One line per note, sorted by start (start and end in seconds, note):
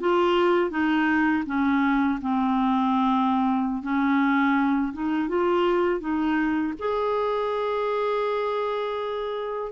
0.00 0.71 F4
0.71 1.44 D#4
1.46 2.19 C#4
2.22 3.82 C4
3.82 4.92 C#4
4.93 5.28 D#4
5.28 6.00 F4
6.00 6.73 D#4
6.79 9.72 G#4